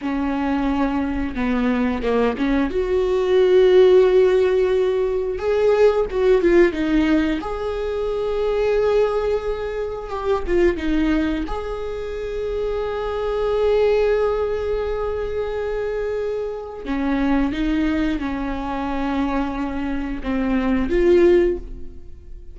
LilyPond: \new Staff \with { instrumentName = "viola" } { \time 4/4 \tempo 4 = 89 cis'2 b4 ais8 cis'8 | fis'1 | gis'4 fis'8 f'8 dis'4 gis'4~ | gis'2. g'8 f'8 |
dis'4 gis'2.~ | gis'1~ | gis'4 cis'4 dis'4 cis'4~ | cis'2 c'4 f'4 | }